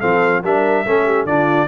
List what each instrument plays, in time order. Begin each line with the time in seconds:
0.00 tuba F3, trombone C4, horn A4, trumpet F5
0.43 tuba G3, trombone D4, horn A#4, trumpet E5
0.85 tuba A3, trombone C#4, horn A4
1.05 horn G4
1.25 tuba D3, trombone D4, horn F4, trumpet D5